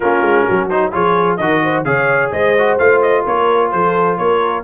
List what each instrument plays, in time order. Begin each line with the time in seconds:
0.00 tuba A#3, trombone C#4, horn F4, trumpet A#4
0.21 tuba G#3
0.45 tuba F#3, horn F#4
0.69 trombone D#4, trumpet C5
0.91 tuba F3, trombone F4, horn G#4, trumpet C#5
1.37 tuba D#3, trombone F#4, horn A#4, trumpet D#5
1.63 horn C5
1.84 tuba C#3, trombone G#4, horn C#5, trumpet F5
2.31 tuba G#3, horn C5, trumpet D#5
2.58 trombone F#4
2.78 tuba A3, trombone F4, trumpet F5
3.01 trumpet D#5
3.23 tuba A#3, horn A#4, trumpet C#5
3.71 tuba F3, horn A4, trumpet C5
4.17 tuba A#3, horn A#4, trumpet C#5